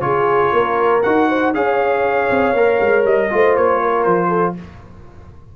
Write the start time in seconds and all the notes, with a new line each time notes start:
0.00 C#3 F4 G#4 C#5
0.53 A#3 A#4
1.03 D#4 F#4 F#5
1.29 C5
1.54 C#4 G#4 C#5 F5
2.30 C4
2.54 A#3 A#4
2.80 G#3
3.04 G3 D#5
3.30 A3 F4 C5
3.56 A#3 C#5
3.82 A#4
4.03 F3 C5
4.28 A4